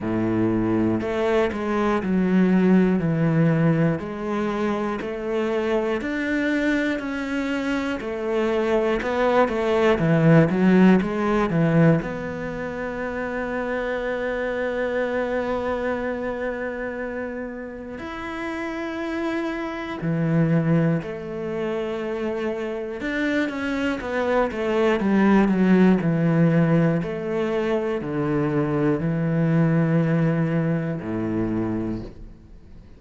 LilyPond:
\new Staff \with { instrumentName = "cello" } { \time 4/4 \tempo 4 = 60 a,4 a8 gis8 fis4 e4 | gis4 a4 d'4 cis'4 | a4 b8 a8 e8 fis8 gis8 e8 | b1~ |
b2 e'2 | e4 a2 d'8 cis'8 | b8 a8 g8 fis8 e4 a4 | d4 e2 a,4 | }